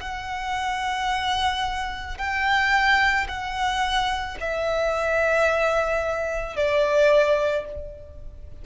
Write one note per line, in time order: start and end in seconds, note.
0.00 2.18 F#5
2.18 3.27 G5
3.28 4.37 F#5
4.40 6.56 E5
6.56 7.65 D5